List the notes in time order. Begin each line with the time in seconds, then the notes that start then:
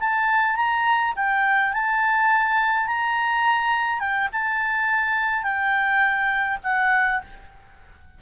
0.00 A5
0.56 A#5
1.16 G5
1.73 A5
2.87 A#5
4.00 G5
4.32 A5
5.43 G5
6.64 F#5